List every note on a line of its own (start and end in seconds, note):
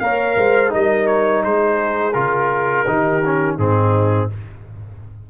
0.00 0.36 A#3
0.00 0.70 A#4
0.00 0.37 C#5
0.00 0.71 F5
0.36 0.72 G#3
0.36 0.72 C5
0.70 1.45 G3
0.70 2.13 D#4
0.70 1.44 A#4
0.70 1.07 D#5
1.07 1.43 C#5
1.44 2.15 G#3
1.44 2.86 G#4
1.44 2.13 C5
2.13 2.86 C#3
2.13 2.86 F4
2.13 3.56 A#4
2.87 3.58 D#3
2.87 3.23 D#4
2.87 3.57 G4
3.25 3.58 C#4
3.57 4.29 G#2
3.57 4.30 C4
3.57 4.28 D#4
3.57 4.30 G#4